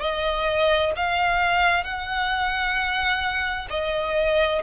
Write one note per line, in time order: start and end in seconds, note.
0.00 0.92 D#5
0.96 1.84 F5
1.84 3.68 F#5
3.70 4.62 D#5